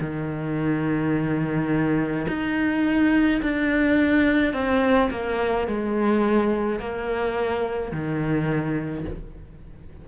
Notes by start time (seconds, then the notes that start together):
0.00 D#3
2.27 D#4
3.42 D4
4.53 C4
5.10 A#3
5.67 G#3
6.79 A#3
7.91 D#3